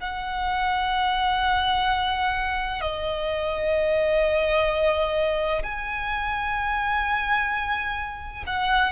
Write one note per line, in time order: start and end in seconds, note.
0.00 2.81 F#5
2.81 5.62 D#5
5.63 8.44 G#5
8.46 8.92 F#5